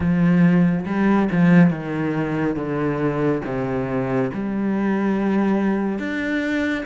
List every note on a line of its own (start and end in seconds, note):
0.00 0.85 F3
0.86 1.29 G3
1.31 1.70 F3
1.70 2.56 D#3
2.56 3.41 D3
3.45 4.31 C3
4.33 5.98 G3
5.98 6.84 D4